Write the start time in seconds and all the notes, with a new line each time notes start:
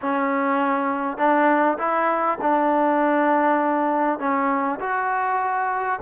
0.01 C#4
1.17 D4
1.78 E4
2.41 D4
4.19 C#4
4.79 F#4